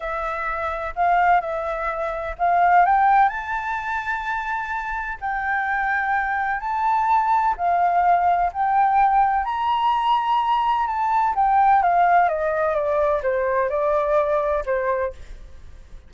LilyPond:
\new Staff \with { instrumentName = "flute" } { \time 4/4 \tempo 4 = 127 e''2 f''4 e''4~ | e''4 f''4 g''4 a''4~ | a''2. g''4~ | g''2 a''2 |
f''2 g''2 | ais''2. a''4 | g''4 f''4 dis''4 d''4 | c''4 d''2 c''4 | }